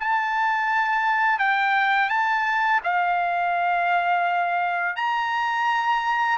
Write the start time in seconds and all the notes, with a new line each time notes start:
0.00 A5
1.39 G5
2.09 A5
2.83 F5
4.96 A#5